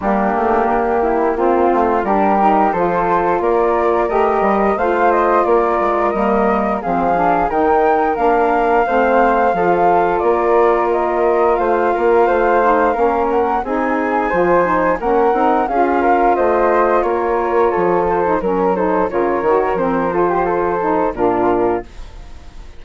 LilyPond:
<<
  \new Staff \with { instrumentName = "flute" } { \time 4/4 \tempo 4 = 88 g'2 f'4 ais'4 | c''4 d''4 dis''4 f''8 dis''8 | d''4 dis''4 f''4 g''4 | f''2. d''4 |
dis''4 f''2~ f''8 fis''8 | gis''2 fis''4 f''4 | dis''4 cis''4. c''8 ais'8 c''8 | cis''4 c''2 ais'4 | }
  \new Staff \with { instrumentName = "flute" } { \time 4/4 d'4. e'8 f'4 g'4 | a'4 ais'2 c''4 | ais'2 gis'4 ais'4~ | ais'4 c''4 a'4 ais'4~ |
ais'4 c''8 ais'8 c''4 ais'4 | gis'4 c''4 ais'4 gis'8 ais'8 | c''4 ais'4 a'4 ais'8 a'8 | ais'4. a'16 g'16 a'4 f'4 | }
  \new Staff \with { instrumentName = "saxophone" } { \time 4/4 ais2 c'4 d'8 dis'8 | f'2 g'4 f'4~ | f'4 ais4 c'8 d'8 dis'4 | d'4 c'4 f'2~ |
f'2~ f'8 dis'8 cis'4 | dis'4 f'8 dis'8 cis'8 dis'8 f'4~ | f'2~ f'8. dis'16 cis'8 dis'8 | f'8 fis'8 c'8 f'4 dis'8 d'4 | }
  \new Staff \with { instrumentName = "bassoon" } { \time 4/4 g8 a8 ais4. a8 g4 | f4 ais4 a8 g8 a4 | ais8 gis8 g4 f4 dis4 | ais4 a4 f4 ais4~ |
ais4 a8 ais8 a4 ais4 | c'4 f4 ais8 c'8 cis'4 | a4 ais4 f4 fis4 | cis8 dis8 f2 ais,4 | }
>>